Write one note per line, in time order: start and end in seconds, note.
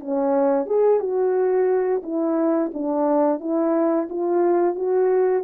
0.00 0.66 C#4
0.66 1.00 G#4
1.00 2.02 F#4
2.03 2.71 E4
2.74 3.40 D4
3.40 4.08 E4
4.09 4.75 F4
4.75 5.44 F#4